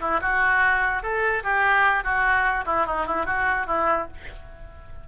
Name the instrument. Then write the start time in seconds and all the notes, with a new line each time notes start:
oboe
0.00 E4
0.21 F#4
1.02 A4
1.43 G4
2.03 F#4
2.66 E4
2.86 D#4
3.06 E4
3.26 F#4
3.67 E4